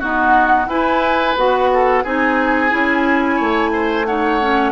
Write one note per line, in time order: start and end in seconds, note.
0.00 0.68 B3
0.00 0.68 D#4
0.00 0.67 F#4
0.00 0.69 F#5
0.68 1.35 E4
0.68 1.37 E4
0.68 1.71 B4
0.68 1.37 G#5
1.37 2.05 B3
1.37 2.04 F#4
1.37 2.05 F#5
1.74 2.04 A4
2.04 2.72 C4
2.04 2.70 D#4
2.04 3.37 G#4
2.04 4.07 G#5
2.70 3.41 C#4
2.70 4.05 E4
3.37 4.73 A3
3.37 3.70 C#5
3.73 4.07 C5
4.07 4.41 D#4
4.07 4.73 C#5
4.07 4.73 F#5
4.41 4.73 C#4